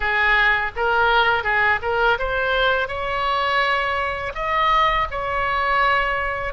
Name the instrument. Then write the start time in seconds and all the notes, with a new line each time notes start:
oboe
0.00 G#4
0.76 A#4
1.43 G#4
1.82 A#4
2.18 C5
2.88 C#5
4.34 D#5
5.10 C#5